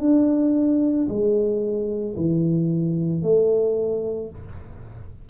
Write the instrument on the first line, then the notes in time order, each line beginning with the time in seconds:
tuba
0.00 D4
1.08 G#3
2.15 E3
3.22 A3